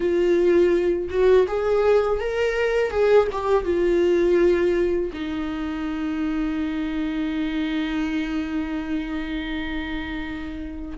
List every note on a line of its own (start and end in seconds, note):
0.00 1.08 F4
1.10 1.46 F#4
1.47 2.20 G#4
2.20 2.91 A#4
2.91 3.27 G#4
3.31 3.64 G4
3.64 5.11 F4
5.13 10.98 D#4